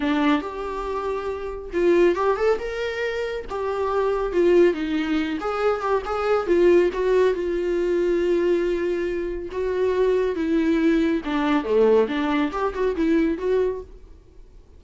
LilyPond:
\new Staff \with { instrumentName = "viola" } { \time 4/4 \tempo 4 = 139 d'4 g'2. | f'4 g'8 a'8 ais'2 | g'2 f'4 dis'4~ | dis'8 gis'4 g'8 gis'4 f'4 |
fis'4 f'2.~ | f'2 fis'2 | e'2 d'4 a4 | d'4 g'8 fis'8 e'4 fis'4 | }